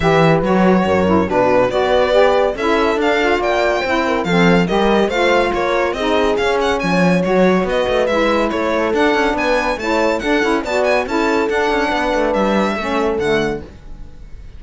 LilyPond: <<
  \new Staff \with { instrumentName = "violin" } { \time 4/4 \tempo 4 = 141 e''4 cis''2 b'4 | d''2 e''4 f''4 | g''2 f''4 dis''4 | f''4 cis''4 dis''4 f''8 fis''8 |
gis''4 cis''4 dis''4 e''4 | cis''4 fis''4 gis''4 a''4 | fis''4 a''8 gis''8 a''4 fis''4~ | fis''4 e''2 fis''4 | }
  \new Staff \with { instrumentName = "horn" } { \time 4/4 b'2 ais'4 fis'4 | b'2 a'2 | d''4 c''8 ais'8 a'4 ais'4 | c''4 ais'4 gis'2 |
cis''2 b'2 | a'2 b'4 cis''4 | a'4 d''4 a'2 | b'2 a'2 | }
  \new Staff \with { instrumentName = "saxophone" } { \time 4/4 g'4 fis'4. e'8 d'4 | fis'4 g'4 e'4 d'8 f'8~ | f'4 e'4 c'4 g'4 | f'2 dis'4 cis'4~ |
cis'4 fis'2 e'4~ | e'4 d'2 e'4 | d'8 e'8 fis'4 e'4 d'4~ | d'2 cis'4 a4 | }
  \new Staff \with { instrumentName = "cello" } { \time 4/4 e4 fis4 fis,4 b,4 | b2 cis'4 d'4 | ais4 c'4 f4 g4 | a4 ais4 c'4 cis'4 |
f4 fis4 b8 a8 gis4 | a4 d'8 cis'8 b4 a4 | d'8 cis'8 b4 cis'4 d'8 cis'8 | b8 a8 g4 a4 d4 | }
>>